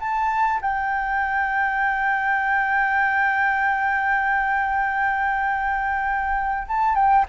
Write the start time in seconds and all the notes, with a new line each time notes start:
0.00 A5
0.62 G5
6.68 A5
6.96 G5